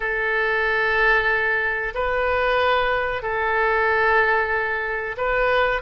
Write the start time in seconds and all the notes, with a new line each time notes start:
0.00 A4
1.94 B4
3.22 A4
5.17 B4